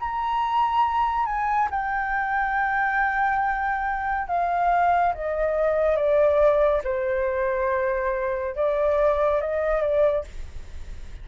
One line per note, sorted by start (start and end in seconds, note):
0.00 1.26 A#5
1.26 1.69 G#5
1.71 4.28 G5
4.28 5.14 F5
5.15 5.96 D#5
5.96 6.82 D5
6.84 8.56 C5
8.56 9.41 D5
9.41 9.82 D#5
9.82 10.25 D5